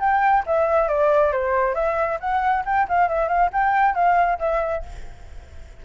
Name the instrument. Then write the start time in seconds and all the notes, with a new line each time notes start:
flute
0.00 G5
0.46 E5
0.88 D5
1.32 C5
1.75 E5
2.20 F#5
2.65 G5
2.89 F5
3.09 E5
3.28 F5
3.53 G5
3.95 F5
4.39 E5